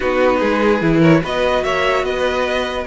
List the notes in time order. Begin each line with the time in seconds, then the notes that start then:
0.00 B3 D#4 F#4 B4
0.39 G#3 G#4
0.81 E3 E4
0.99 A#4 C#5
1.21 B3 F#4 B4 D#5
1.63 A#3 C#5 E5
2.02 B3 B4 D#5